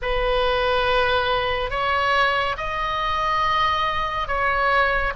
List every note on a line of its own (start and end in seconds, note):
0.02 1.70 B4
1.70 2.56 C#5
2.57 4.27 D#5
4.27 5.13 C#5